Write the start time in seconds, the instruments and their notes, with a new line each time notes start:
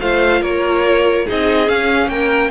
0.00 cello A3, viola F4, violin C5 F5
0.41 cello A#3, violin A#4 C#5
1.25 cello C4, viola D#4, violin G#4 D#5
1.66 viola C#4, cello C#4, violin F5
2.07 cello A#3, violin A#4 G5